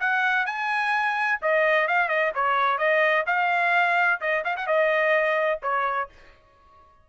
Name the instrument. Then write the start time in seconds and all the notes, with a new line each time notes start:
trumpet
0.00 F#5
0.46 G#5
1.42 D#5
1.88 F5
2.09 D#5
2.35 C#5
2.78 D#5
3.27 F5
4.21 D#5
4.44 F5
4.56 F#5
4.67 D#5
5.62 C#5